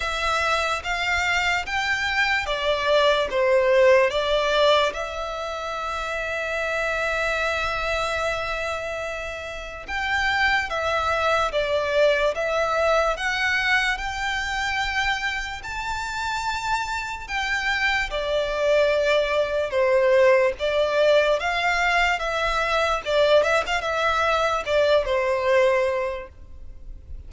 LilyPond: \new Staff \with { instrumentName = "violin" } { \time 4/4 \tempo 4 = 73 e''4 f''4 g''4 d''4 | c''4 d''4 e''2~ | e''1 | g''4 e''4 d''4 e''4 |
fis''4 g''2 a''4~ | a''4 g''4 d''2 | c''4 d''4 f''4 e''4 | d''8 e''16 f''16 e''4 d''8 c''4. | }